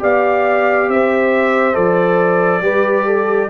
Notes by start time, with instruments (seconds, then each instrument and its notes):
0.00 tuba B3, trombone G4, horn D5, trumpet F5
0.89 tuba C4, horn C5, trumpet E5
1.74 tuba F3, trombone A4, trumpet D5
2.62 tuba G3, trombone G4, horn B4
3.06 horn A4